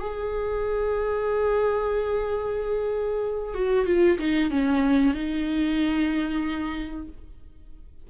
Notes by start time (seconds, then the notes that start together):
0.00 G#4
3.54 F#4
3.86 F4
4.18 D#4
4.50 C#4
5.14 D#4